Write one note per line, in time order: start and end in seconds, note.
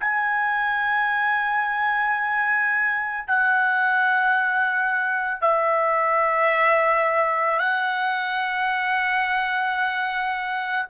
0.00 3.27 G#5
3.27 5.41 F#5
5.41 7.59 E5
7.59 10.86 F#5